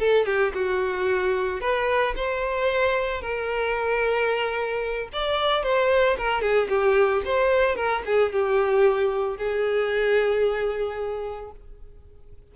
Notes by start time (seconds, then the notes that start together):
0.00 A4
0.26 G4
0.55 F#4
1.61 B4
2.16 C5
3.22 A#4
5.13 D5
5.63 C5
6.19 A#4
6.42 G#4
6.69 G4
7.26 C5
7.76 A#4
8.06 G#4
8.33 G4
9.37 G#4